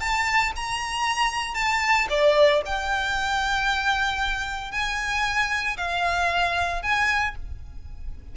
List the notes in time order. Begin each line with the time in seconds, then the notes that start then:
0.00 A5
0.56 A#5
1.55 A5
2.10 D5
2.66 G5
4.72 G#5
5.78 F5
6.83 G#5